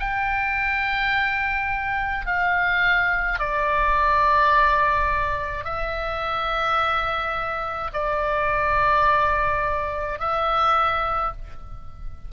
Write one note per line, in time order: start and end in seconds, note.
0.00 2.26 G5
2.26 3.40 F5
3.40 5.65 D5
5.65 7.91 E5
7.94 10.20 D5
10.20 11.33 E5